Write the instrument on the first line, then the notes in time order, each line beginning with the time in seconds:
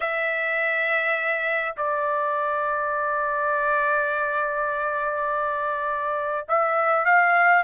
trumpet
0.00 E5
1.76 D5
6.48 E5
7.05 F5